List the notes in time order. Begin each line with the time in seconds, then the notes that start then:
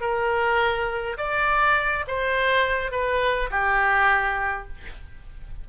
0.00 A#4
1.17 D5
2.07 C5
2.91 B4
3.50 G4